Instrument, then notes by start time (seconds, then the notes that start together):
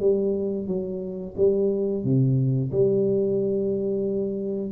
tuba
0.00 G3
0.67 F#3
1.37 G3
2.04 C3
2.72 G3